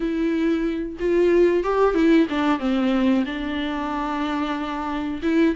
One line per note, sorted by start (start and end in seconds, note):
0.00 0.97 E4
0.99 1.63 F4
1.63 1.94 G4
1.94 2.26 E4
2.29 2.59 D4
2.59 3.24 C4
3.25 5.21 D4
5.22 5.55 E4